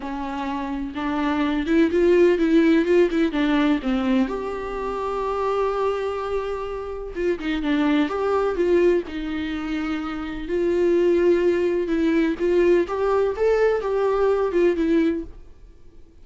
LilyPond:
\new Staff \with { instrumentName = "viola" } { \time 4/4 \tempo 4 = 126 cis'2 d'4. e'8 | f'4 e'4 f'8 e'8 d'4 | c'4 g'2.~ | g'2. f'8 dis'8 |
d'4 g'4 f'4 dis'4~ | dis'2 f'2~ | f'4 e'4 f'4 g'4 | a'4 g'4. f'8 e'4 | }